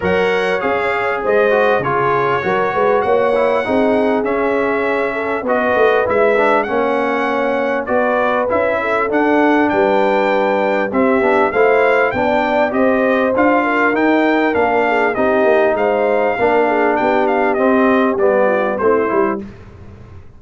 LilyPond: <<
  \new Staff \with { instrumentName = "trumpet" } { \time 4/4 \tempo 4 = 99 fis''4 f''4 dis''4 cis''4~ | cis''4 fis''2 e''4~ | e''4 dis''4 e''4 fis''4~ | fis''4 d''4 e''4 fis''4 |
g''2 e''4 f''4 | g''4 dis''4 f''4 g''4 | f''4 dis''4 f''2 | g''8 f''8 dis''4 d''4 c''4 | }
  \new Staff \with { instrumentName = "horn" } { \time 4/4 cis''2 c''4 gis'4 | ais'8 b'8 cis''4 gis'2~ | gis'8 a'8 b'2 cis''4~ | cis''4 b'4. a'4. |
b'2 g'4 c''4 | d''4 c''4. ais'4.~ | ais'8 gis'8 g'4 c''4 ais'8 gis'8 | g'2~ g'8 f'8 e'4 | }
  \new Staff \with { instrumentName = "trombone" } { \time 4/4 ais'4 gis'4. fis'8 f'4 | fis'4. e'8 dis'4 cis'4~ | cis'4 fis'4 e'8 d'8 cis'4~ | cis'4 fis'4 e'4 d'4~ |
d'2 c'8 d'8 e'4 | d'4 g'4 f'4 dis'4 | d'4 dis'2 d'4~ | d'4 c'4 b4 c'8 e'8 | }
  \new Staff \with { instrumentName = "tuba" } { \time 4/4 fis4 cis'4 gis4 cis4 | fis8 gis8 ais4 c'4 cis'4~ | cis'4 b8 a8 gis4 ais4~ | ais4 b4 cis'4 d'4 |
g2 c'8 b8 a4 | b4 c'4 d'4 dis'4 | ais4 c'8 ais8 gis4 ais4 | b4 c'4 g4 a8 g8 | }
>>